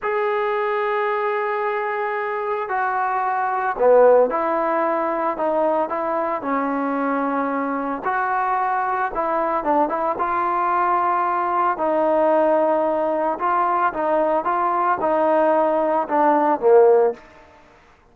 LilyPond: \new Staff \with { instrumentName = "trombone" } { \time 4/4 \tempo 4 = 112 gis'1~ | gis'4 fis'2 b4 | e'2 dis'4 e'4 | cis'2. fis'4~ |
fis'4 e'4 d'8 e'8 f'4~ | f'2 dis'2~ | dis'4 f'4 dis'4 f'4 | dis'2 d'4 ais4 | }